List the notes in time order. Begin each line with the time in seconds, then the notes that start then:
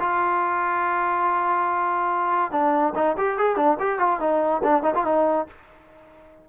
0.00 F4
2.52 D4
2.96 D#4
3.18 G4
3.38 G#4
3.57 D4
3.80 G4
3.99 F4
4.20 D#4
4.64 D4
4.84 D#4
4.95 F4
5.05 D#4